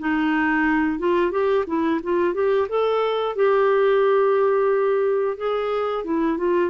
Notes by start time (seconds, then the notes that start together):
0.00 D#4
0.99 F4
1.32 G4
1.67 E4
2.04 F4
2.34 G4
2.70 A4
3.36 G4
5.38 G#4
6.05 E4
6.38 F4